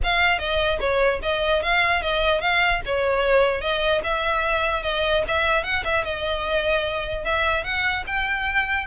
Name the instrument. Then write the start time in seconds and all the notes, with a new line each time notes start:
violin
0.03 F5
0.38 D#5
0.80 C#5
1.22 D#5
1.62 F5
2.02 D#5
2.41 F5
2.85 C#5
3.61 D#5
4.03 E5
4.82 D#5
5.27 E5
5.63 F#5
5.84 E5
6.04 D#5
7.24 E5
7.63 F#5
8.06 G5